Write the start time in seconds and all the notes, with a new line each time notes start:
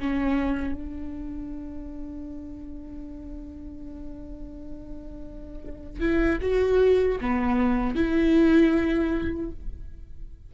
0.00 C#4
0.74 D4
6.00 E4
6.41 F#4
7.21 B3
7.95 E4